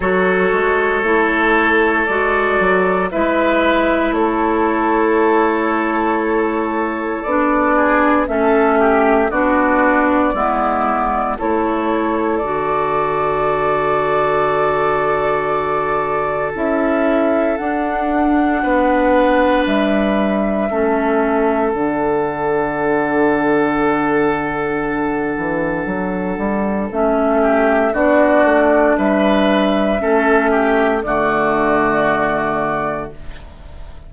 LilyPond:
<<
  \new Staff \with { instrumentName = "flute" } { \time 4/4 \tempo 4 = 58 cis''2 d''4 e''4 | cis''2. d''4 | e''4 d''2 cis''4 | d''1 |
e''4 fis''2 e''4~ | e''4 fis''2.~ | fis''2 e''4 d''4 | e''2 d''2 | }
  \new Staff \with { instrumentName = "oboe" } { \time 4/4 a'2. b'4 | a'2.~ a'8 gis'8 | a'8 g'8 fis'4 e'4 a'4~ | a'1~ |
a'2 b'2 | a'1~ | a'2~ a'8 g'8 fis'4 | b'4 a'8 g'8 fis'2 | }
  \new Staff \with { instrumentName = "clarinet" } { \time 4/4 fis'4 e'4 fis'4 e'4~ | e'2. d'4 | cis'4 d'4 b4 e'4 | fis'1 |
e'4 d'2. | cis'4 d'2.~ | d'2 cis'4 d'4~ | d'4 cis'4 a2 | }
  \new Staff \with { instrumentName = "bassoon" } { \time 4/4 fis8 gis8 a4 gis8 fis8 gis4 | a2. b4 | a4 b4 gis4 a4 | d1 |
cis'4 d'4 b4 g4 | a4 d2.~ | d8 e8 fis8 g8 a4 b8 a8 | g4 a4 d2 | }
>>